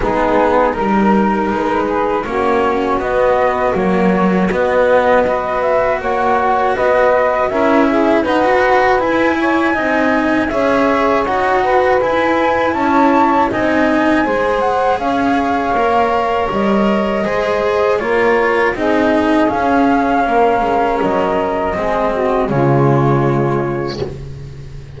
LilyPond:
<<
  \new Staff \with { instrumentName = "flute" } { \time 4/4 \tempo 4 = 80 gis'4 ais'4 b'4 cis''4 | dis''4 cis''4 dis''4. e''8 | fis''4 dis''4 e''4 fis''4 | gis''2 e''4 fis''4 |
gis''4 a''4 gis''4. fis''8 | f''2 dis''2 | cis''4 dis''4 f''2 | dis''2 cis''2 | }
  \new Staff \with { instrumentName = "saxophone" } { \time 4/4 dis'4 ais'4. gis'8 fis'4~ | fis'2. b'4 | cis''4 b'4 ais'8 gis'8 b'4~ | b'8 cis''8 dis''4 cis''4. b'8~ |
b'4 cis''4 dis''4 c''4 | cis''2. c''4 | ais'4 gis'2 ais'4~ | ais'4 gis'8 fis'8 f'2 | }
  \new Staff \with { instrumentName = "cello" } { \time 4/4 b4 dis'2 cis'4 | b4 fis4 b4 fis'4~ | fis'2 e'4 dis'16 fis'8. | e'4 dis'4 gis'4 fis'4 |
e'2 dis'4 gis'4~ | gis'4 ais'2 gis'4 | f'4 dis'4 cis'2~ | cis'4 c'4 gis2 | }
  \new Staff \with { instrumentName = "double bass" } { \time 4/4 gis4 g4 gis4 ais4 | b4 ais4 b2 | ais4 b4 cis'4 dis'4 | e'4 c'4 cis'4 dis'4 |
e'4 cis'4 c'4 gis4 | cis'4 ais4 g4 gis4 | ais4 c'4 cis'4 ais8 gis8 | fis4 gis4 cis2 | }
>>